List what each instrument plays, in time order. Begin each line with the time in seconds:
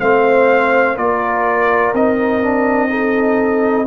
0.00 tuba A3, trombone C4, horn C5, trumpet F5
0.96 tuba A#3, trombone F4, horn A#4, trumpet D5
1.93 tuba C4, trombone D#4, trumpet D#5
2.43 trombone D4
2.89 trombone D#4, horn A4